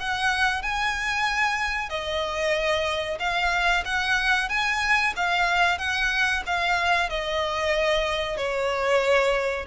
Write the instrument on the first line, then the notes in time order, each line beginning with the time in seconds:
violin
0.00 F#5
0.62 G#5
1.89 D#5
3.20 F5
3.85 F#5
4.49 G#5
5.16 F5
5.79 F#5
6.47 F5
7.10 D#5
8.37 C#5